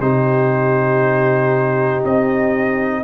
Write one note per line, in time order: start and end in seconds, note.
0.00 2.03 C3
0.00 3.04 D#4
0.00 3.04 G4
0.00 2.04 C5
2.04 3.04 C4
2.04 3.04 D#5